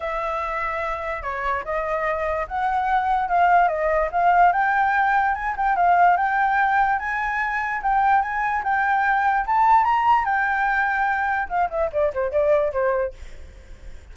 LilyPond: \new Staff \with { instrumentName = "flute" } { \time 4/4 \tempo 4 = 146 e''2. cis''4 | dis''2 fis''2 | f''4 dis''4 f''4 g''4~ | g''4 gis''8 g''8 f''4 g''4~ |
g''4 gis''2 g''4 | gis''4 g''2 a''4 | ais''4 g''2. | f''8 e''8 d''8 c''8 d''4 c''4 | }